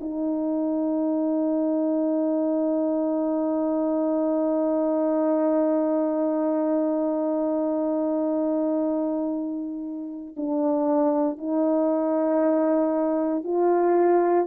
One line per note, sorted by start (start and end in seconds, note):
0.00 10.34 D#4
10.36 11.37 D4
11.37 13.43 D#4
13.43 14.46 F4